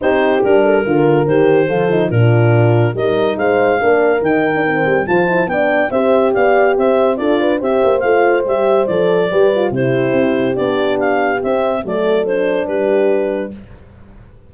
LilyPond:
<<
  \new Staff \with { instrumentName = "clarinet" } { \time 4/4 \tempo 4 = 142 c''4 ais'2 c''4~ | c''4 ais'2 dis''4 | f''2 g''2 | a''4 g''4 e''4 f''4 |
e''4 d''4 e''4 f''4 | e''4 d''2 c''4~ | c''4 d''4 f''4 e''4 | d''4 c''4 b'2 | }
  \new Staff \with { instrumentName = "horn" } { \time 4/4 g'4. a'8 ais'2 | a'4 f'2 ais'4 | c''4 ais'2. | c''4 d''4 c''4 d''4 |
c''4 a'8 b'8 c''2~ | c''2 b'4 g'4~ | g'1 | a'2 g'2 | }
  \new Staff \with { instrumentName = "horn" } { \time 4/4 dis'4 d'4 f'4 g'4 | f'8 dis'8 d'2 dis'4~ | dis'4 d'4 dis'8. d'16 c'4 | f'8 e'8 d'4 g'2~ |
g'4 f'4 g'4 f'4 | g'4 a'4 g'8 f'8 e'4~ | e'4 d'2 c'4 | a4 d'2. | }
  \new Staff \with { instrumentName = "tuba" } { \time 4/4 c'4 g4 d4 dis4 | f4 ais,2 g4 | gis4 ais4 dis4. g8 | f4 b4 c'4 b4 |
c'4 d'4 c'8 ais8 a4 | g4 f4 g4 c4 | c'4 b2 c'4 | fis2 g2 | }
>>